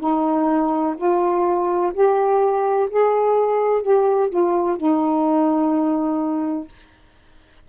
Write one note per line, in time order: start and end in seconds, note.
0.00 0.95 D#4
0.97 1.92 F4
1.94 2.89 G4
2.90 3.82 G#4
3.82 4.29 G4
4.30 4.77 F4
4.77 6.68 D#4